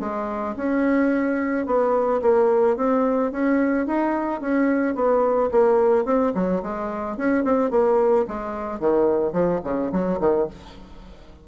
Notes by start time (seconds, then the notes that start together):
0.00 G#3
0.57 C#4
1.66 B3
2.22 A#3
2.77 C4
3.32 C#4
3.87 D#4
4.41 C#4
4.95 B3
5.52 A#3
6.05 C4
6.35 F#3
6.63 G#3
7.17 C#4
7.44 C4
7.71 A#3
8.28 G#3
8.80 D#3
9.33 F3
9.64 C#3
9.93 F#3
10.20 D#3